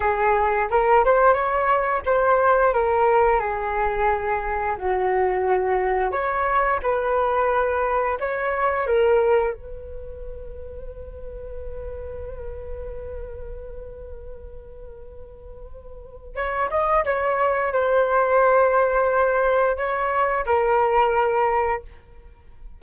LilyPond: \new Staff \with { instrumentName = "flute" } { \time 4/4 \tempo 4 = 88 gis'4 ais'8 c''8 cis''4 c''4 | ais'4 gis'2 fis'4~ | fis'4 cis''4 b'2 | cis''4 ais'4 b'2~ |
b'1~ | b'1 | cis''8 dis''8 cis''4 c''2~ | c''4 cis''4 ais'2 | }